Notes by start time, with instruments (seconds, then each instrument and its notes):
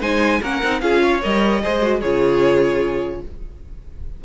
0.00 cello G#3, viola D#4, violin C5 G#5
0.41 cello A#3, viola C#4, violin A#4 F#5
0.63 cello C4, viola D#4
0.80 cello C#4, viola F4, violin G#4 F5
1.02 violin C#5
1.22 cello G3, viola A#4, violin D#5
1.62 cello G#3, viola G#4, violin C5
1.82 viola F#4
1.99 cello C#3, viola F4, violin G#4 C#5